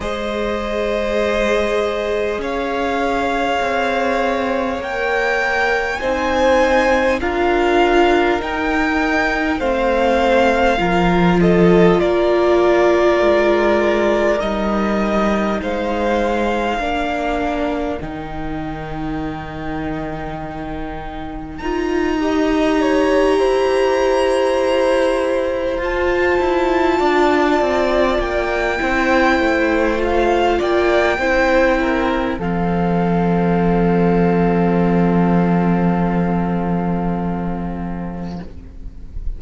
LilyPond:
<<
  \new Staff \with { instrumentName = "violin" } { \time 4/4 \tempo 4 = 50 dis''2 f''2 | g''4 gis''4 f''4 g''4 | f''4. dis''8 d''2 | dis''4 f''2 g''4~ |
g''2 ais''2~ | ais''4. a''2 g''8~ | g''4 f''8 g''4. f''4~ | f''1 | }
  \new Staff \with { instrumentName = "violin" } { \time 4/4 c''2 cis''2~ | cis''4 c''4 ais'2 | c''4 ais'8 a'8 ais'2~ | ais'4 c''4 ais'2~ |
ais'2~ ais'8 dis''8 cis''8 c''8~ | c''2~ c''8 d''4. | c''4. d''8 c''8 ais'8 a'4~ | a'1 | }
  \new Staff \with { instrumentName = "viola" } { \time 4/4 gis'1 | ais'4 dis'4 f'4 dis'4 | c'4 f'2. | dis'2 d'4 dis'4~ |
dis'2 f'8 g'4.~ | g'4. f'2~ f'8 | e'4 f'4 e'4 c'4~ | c'1 | }
  \new Staff \with { instrumentName = "cello" } { \time 4/4 gis2 cis'4 c'4 | ais4 c'4 d'4 dis'4 | a4 f4 ais4 gis4 | g4 gis4 ais4 dis4~ |
dis2 dis'4. e'8~ | e'4. f'8 e'8 d'8 c'8 ais8 | c'8 a4 ais8 c'4 f4~ | f1 | }
>>